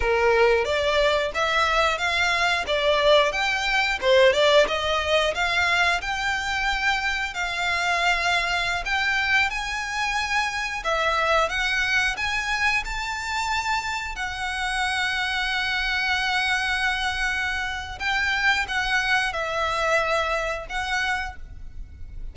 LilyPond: \new Staff \with { instrumentName = "violin" } { \time 4/4 \tempo 4 = 90 ais'4 d''4 e''4 f''4 | d''4 g''4 c''8 d''8 dis''4 | f''4 g''2 f''4~ | f''4~ f''16 g''4 gis''4.~ gis''16~ |
gis''16 e''4 fis''4 gis''4 a''8.~ | a''4~ a''16 fis''2~ fis''8.~ | fis''2. g''4 | fis''4 e''2 fis''4 | }